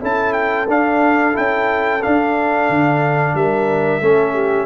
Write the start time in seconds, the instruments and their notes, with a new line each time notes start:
0.00 tuba C#4, trombone E4, horn A4, trumpet A5
0.33 trumpet G5
0.69 trombone D4, tuba D4, trumpet F5
1.33 tuba C#4, trombone E4, trumpet G5
2.02 trombone D4, tuba D4, trumpet F5
2.69 tuba D3
3.34 tuba G3, horn A#4, trumpet E5
4.01 tuba A3, trombone C#4, horn A4
4.33 horn G4